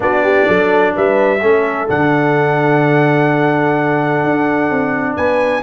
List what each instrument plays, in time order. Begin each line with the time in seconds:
0.00 tuba B3, trombone D4, horn F#4, trumpet D5
0.23 horn G4
0.47 tuba F#3, horn A4
0.95 tuba G3, horn B4, trumpet E5
1.41 tuba A3, trombone C#4, horn A4
1.88 tuba D3, trombone D4, trumpet F#5
4.23 tuba D4
4.69 tuba C4
5.16 tuba B3, horn B4, trumpet G#5